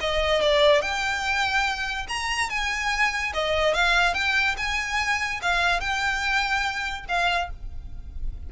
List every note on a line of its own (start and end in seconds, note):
0.00 0.41 D#5
0.41 0.81 D5
0.81 2.06 G5
2.08 2.49 A#5
2.49 3.33 G#5
3.33 3.74 D#5
3.74 4.14 F5
4.14 4.55 G5
4.57 5.40 G#5
5.42 5.80 F5
5.80 7.05 G5
7.08 7.50 F5